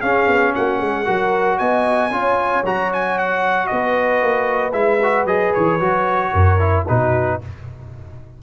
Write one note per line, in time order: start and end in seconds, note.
0.00 1.05 C#4
0.00 0.27 C#4
0.00 0.53 G#4
0.00 0.53 F5
0.27 0.53 B3
0.55 0.81 A#3
0.55 0.78 F#4
0.55 1.58 F#5
0.78 1.08 G#3
0.78 1.04 G#4
1.05 1.60 F#3
1.05 2.11 F#4
1.05 1.57 A#4
1.58 2.11 B3
1.58 2.11 D#5
1.58 2.64 G#5
2.11 2.63 C#4
2.11 2.64 F4
2.11 3.69 C#5
2.64 3.69 F#3
2.64 4.72 F#4
2.64 2.92 A#5
2.93 3.19 G#5
3.19 3.67 F#5
3.67 4.22 B3
3.67 6.32 B4
3.67 4.72 D#5
4.22 4.73 A#3
4.72 5.25 G#3
4.72 4.99 E4
4.72 5.25 E5
5.03 5.27 F#4
5.25 5.52 F#3
5.25 5.80 G#4
5.25 5.53 D#5
5.53 5.80 E3
5.53 6.85 C#5
5.80 6.32 F#3
5.80 6.59 F#4
6.32 6.86 F#2
6.32 6.85 A#4
6.59 6.86 E4
6.87 7.42 B2
6.87 7.41 D#4
6.87 7.40 F#4
6.87 7.41 B4